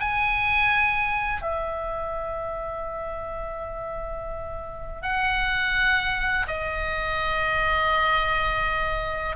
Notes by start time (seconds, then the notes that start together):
0.00 G#5
1.42 E5
5.02 F#5
6.48 D#5